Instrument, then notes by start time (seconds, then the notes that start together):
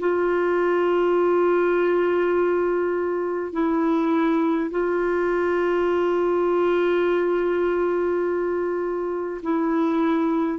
clarinet
0.00 F4
3.52 E4
4.71 F4
9.42 E4